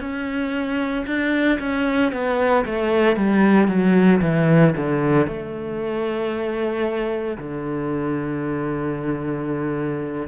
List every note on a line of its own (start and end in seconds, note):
0.00 1.05 C#4
1.06 1.59 D4
1.59 2.12 C#4
2.12 2.65 B3
2.65 3.16 A3
3.16 3.67 G3
3.67 4.20 F#3
4.22 4.74 E3
4.76 5.27 D3
5.27 7.37 A3
7.38 10.27 D3